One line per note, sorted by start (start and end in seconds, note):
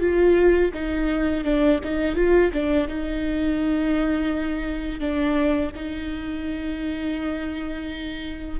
0.00 0.71 F4
0.74 1.44 D#4
1.44 1.80 D4
1.83 2.15 D#4
2.15 2.51 F4
2.53 2.88 D4
2.88 4.99 D#4
4.99 5.71 D4
5.75 8.59 D#4